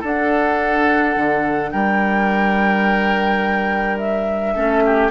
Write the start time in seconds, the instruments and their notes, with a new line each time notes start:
0.00 bassoon D4, clarinet D4, oboe A4
0.06 flute F#5
1.16 bassoon D3
1.71 bassoon G3, oboe A#4, flute G5
3.97 flute E5
4.54 bassoon A3, clarinet C#4, oboe A4
4.85 oboe G4